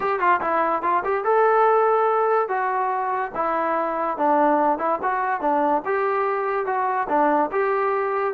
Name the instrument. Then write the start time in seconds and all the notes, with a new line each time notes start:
trombone
0.00 G4
0.19 F4
0.40 E4
0.82 F4
1.04 G4
1.24 A4
2.48 F#4
3.34 E4
4.17 D4
4.78 E4
5.02 F#4
5.40 D4
5.85 G4
6.66 F#4
7.08 D4
7.51 G4